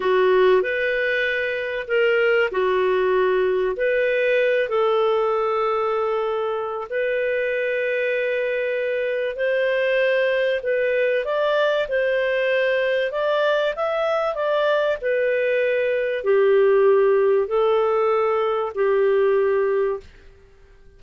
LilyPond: \new Staff \with { instrumentName = "clarinet" } { \time 4/4 \tempo 4 = 96 fis'4 b'2 ais'4 | fis'2 b'4. a'8~ | a'2. b'4~ | b'2. c''4~ |
c''4 b'4 d''4 c''4~ | c''4 d''4 e''4 d''4 | b'2 g'2 | a'2 g'2 | }